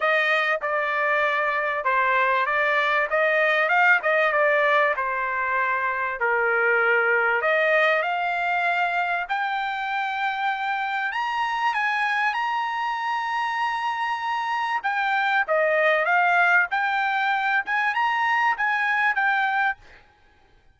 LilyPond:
\new Staff \with { instrumentName = "trumpet" } { \time 4/4 \tempo 4 = 97 dis''4 d''2 c''4 | d''4 dis''4 f''8 dis''8 d''4 | c''2 ais'2 | dis''4 f''2 g''4~ |
g''2 ais''4 gis''4 | ais''1 | g''4 dis''4 f''4 g''4~ | g''8 gis''8 ais''4 gis''4 g''4 | }